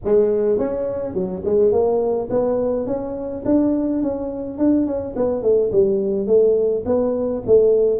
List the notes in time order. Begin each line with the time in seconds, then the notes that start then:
0.04 G#3
0.58 C#4
1.14 F#3
1.44 G#3
1.71 A#3
2.30 B3
2.86 C#4
3.45 D4
4.02 C#4
4.57 D4
4.86 C#4
5.16 B3
5.42 A3
5.72 G3
6.26 A3
6.85 B3
7.46 A3